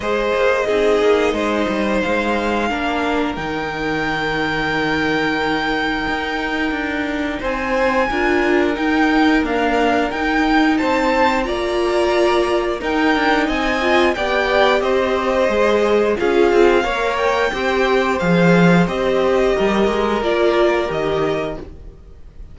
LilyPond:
<<
  \new Staff \with { instrumentName = "violin" } { \time 4/4 \tempo 4 = 89 dis''2. f''4~ | f''4 g''2.~ | g''2. gis''4~ | gis''4 g''4 f''4 g''4 |
a''4 ais''2 g''4 | gis''4 g''4 dis''2 | f''4. g''4. f''4 | dis''2 d''4 dis''4 | }
  \new Staff \with { instrumentName = "violin" } { \time 4/4 c''4 gis'4 c''2 | ais'1~ | ais'2. c''4 | ais'1 |
c''4 d''2 ais'4 | dis''4 d''4 c''2 | gis'4 cis''4 c''2~ | c''4 ais'2. | }
  \new Staff \with { instrumentName = "viola" } { \time 4/4 gis'4 dis'2. | d'4 dis'2.~ | dis'1 | f'4 dis'4 ais4 dis'4~ |
dis'4 f'2 dis'4~ | dis'8 f'8 g'2 gis'4 | f'4 ais'4 g'4 gis'4 | g'2 f'4 g'4 | }
  \new Staff \with { instrumentName = "cello" } { \time 4/4 gis8 ais8 c'8 ais8 gis8 g8 gis4 | ais4 dis2.~ | dis4 dis'4 d'4 c'4 | d'4 dis'4 d'4 dis'4 |
c'4 ais2 dis'8 d'8 | c'4 b4 c'4 gis4 | cis'8 c'8 ais4 c'4 f4 | c'4 g8 gis8 ais4 dis4 | }
>>